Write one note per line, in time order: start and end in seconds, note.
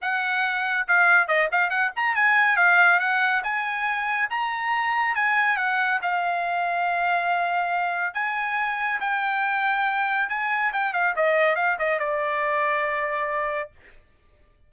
0.01 0.87 F#5
0.87 1.27 F5
1.27 1.48 D#5
1.51 1.69 F5
1.69 1.91 F#5
1.96 2.15 A#5
2.15 2.56 G#5
2.56 2.99 F5
2.99 3.42 F#5
3.43 4.29 G#5
4.30 5.15 A#5
5.15 5.56 G#5
5.56 5.99 F#5
6.02 8.14 F5
8.14 8.99 G#5
9.00 10.29 G5
10.29 10.72 G#5
10.73 10.93 G5
10.93 11.14 F5
11.15 11.55 D#5
11.55 11.77 F5
11.79 11.99 D#5
11.99 13.70 D5